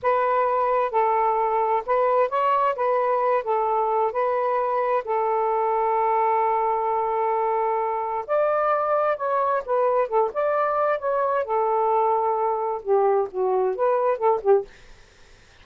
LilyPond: \new Staff \with { instrumentName = "saxophone" } { \time 4/4 \tempo 4 = 131 b'2 a'2 | b'4 cis''4 b'4. a'8~ | a'4 b'2 a'4~ | a'1~ |
a'2 d''2 | cis''4 b'4 a'8 d''4. | cis''4 a'2. | g'4 fis'4 b'4 a'8 g'8 | }